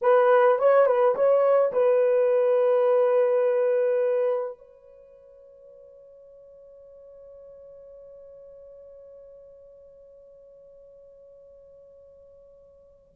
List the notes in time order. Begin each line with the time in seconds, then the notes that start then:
0.01 B4
0.58 C#5
0.86 B4
1.15 C#5
1.72 B4
4.57 C#5